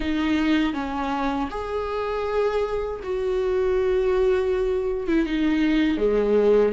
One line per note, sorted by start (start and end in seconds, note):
0.00 0.73 D#4
0.73 1.48 C#4
1.50 3.00 G#4
3.03 5.07 F#4
5.07 5.26 E4
5.26 5.97 D#4
5.97 6.72 G#3